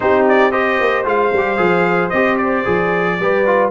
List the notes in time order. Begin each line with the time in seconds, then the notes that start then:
0.00 C4 D#4 G4 C5
0.28 D5
0.51 G4 C5 D#5
0.80 A#3
1.04 G#3 F4 F5
1.32 G3 G4
1.57 F3 G#4
2.09 C4 G4 D#5
2.37 D5
2.64 F3 G#4
3.19 G3 G4 B4
3.46 F4